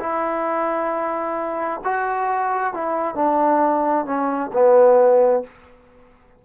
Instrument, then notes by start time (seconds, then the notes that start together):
trombone
0.00 E4
1.84 F#4
2.74 E4
3.15 D4
4.05 C#4
4.53 B3